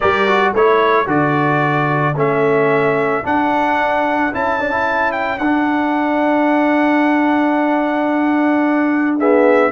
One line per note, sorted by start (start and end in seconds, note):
0.00 0.53 G3
0.00 0.27 G4
0.00 0.52 A#4
0.00 0.54 D5
0.27 0.55 F#4
0.52 1.06 A3
0.52 1.05 E4
0.52 9.17 A4
0.52 1.09 C#5
1.05 2.14 D3
1.05 2.14 F#4
1.05 2.17 D5
2.15 3.23 A3
2.15 3.23 C#4
2.15 3.26 E5
3.23 4.31 D4
3.23 4.33 D4
3.23 4.34 F#5
4.32 5.39 C#4
4.32 4.59 E4
4.32 5.11 A5
4.60 4.70 D4
4.70 5.38 E4
5.11 5.38 G5
5.38 9.71 D4
5.38 9.19 D4
5.38 9.17 F#5
9.18 9.71 B3
9.18 9.71 G#4
9.18 9.71 E5